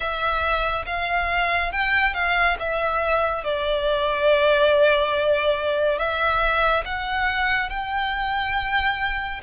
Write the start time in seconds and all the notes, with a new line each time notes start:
0.00 E5
0.86 F5
1.71 G5
2.14 F5
2.59 E5
3.44 D5
5.98 E5
6.85 F#5
7.69 G5